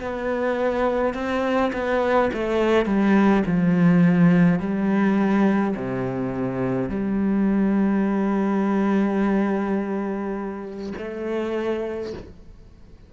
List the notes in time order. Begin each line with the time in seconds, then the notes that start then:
0.00 B3
1.14 C4
1.73 B3
2.33 A3
2.85 G3
3.46 F3
4.59 G3
5.76 C3
6.89 G3
10.98 A3